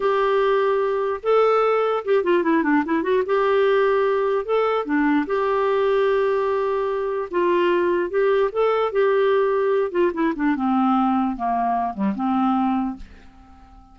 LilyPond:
\new Staff \with { instrumentName = "clarinet" } { \time 4/4 \tempo 4 = 148 g'2. a'4~ | a'4 g'8 f'8 e'8 d'8 e'8 fis'8 | g'2. a'4 | d'4 g'2.~ |
g'2 f'2 | g'4 a'4 g'2~ | g'8 f'8 e'8 d'8 c'2 | ais4. g8 c'2 | }